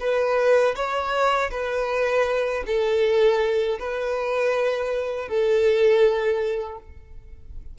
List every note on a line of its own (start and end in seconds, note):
0.00 0.75 B4
0.75 1.50 C#5
1.51 2.64 B4
2.66 3.79 A4
3.79 5.28 B4
5.28 6.78 A4